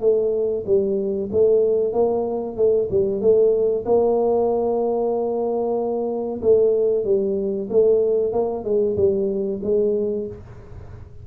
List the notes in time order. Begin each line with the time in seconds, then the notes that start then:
0.00 A3
0.66 G3
1.31 A3
1.92 A#3
2.56 A3
2.90 G3
3.21 A3
3.85 A#3
6.41 A3
7.04 G3
7.69 A3
8.32 A#3
8.64 G#3
8.96 G3
9.63 G#3